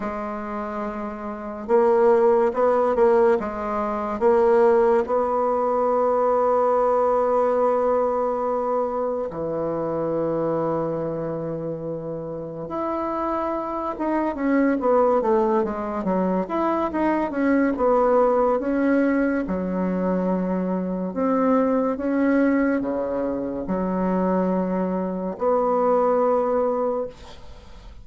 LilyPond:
\new Staff \with { instrumentName = "bassoon" } { \time 4/4 \tempo 4 = 71 gis2 ais4 b8 ais8 | gis4 ais4 b2~ | b2. e4~ | e2. e'4~ |
e'8 dis'8 cis'8 b8 a8 gis8 fis8 e'8 | dis'8 cis'8 b4 cis'4 fis4~ | fis4 c'4 cis'4 cis4 | fis2 b2 | }